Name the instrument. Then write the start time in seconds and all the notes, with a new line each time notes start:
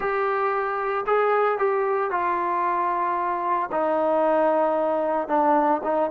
trombone
0.00 G4
1.06 G#4
1.58 G4
2.10 F4
3.71 D#4
5.28 D4
5.83 D#4